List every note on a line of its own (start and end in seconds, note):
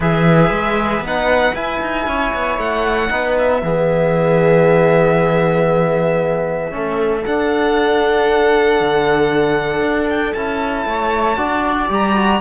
0.00 0.50 E3
0.00 1.04 G#4
0.00 2.07 B4
0.00 1.05 E5
0.50 0.99 G#3
0.99 1.51 B3
0.99 1.54 D#4
1.06 1.55 F#5
1.54 1.80 E4
1.54 3.09 E4
1.54 2.59 G#5
1.81 2.06 D#4
2.06 2.32 C#4
2.06 3.11 C#5
2.33 2.58 B3
2.58 3.09 A3
2.58 3.37 F#5
3.09 3.62 B3
3.09 3.61 D#4
3.09 3.63 B4
3.38 7.24 E5
3.62 6.73 E3
3.62 6.70 B3
3.62 6.73 G#4
6.70 7.25 A3
6.70 7.22 C#4
6.70 10.87 A4
7.24 10.35 D4
7.24 8.80 D4
7.24 10.09 F#5
8.80 9.81 D3
9.81 10.33 D4
10.09 10.33 G5
10.33 10.85 C#4
10.33 11.36 E4
10.33 11.88 A5
10.85 11.37 A3
10.85 11.37 C#5
11.36 11.88 D4
11.36 11.88 F#4
11.36 12.40 D5
11.88 12.40 G3
11.88 12.14 G4
11.88 12.40 A#5
12.15 12.40 F#4